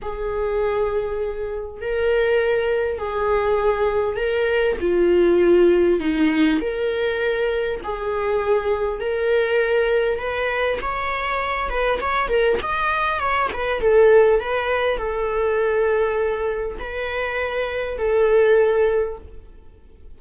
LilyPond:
\new Staff \with { instrumentName = "viola" } { \time 4/4 \tempo 4 = 100 gis'2. ais'4~ | ais'4 gis'2 ais'4 | f'2 dis'4 ais'4~ | ais'4 gis'2 ais'4~ |
ais'4 b'4 cis''4. b'8 | cis''8 ais'8 dis''4 cis''8 b'8 a'4 | b'4 a'2. | b'2 a'2 | }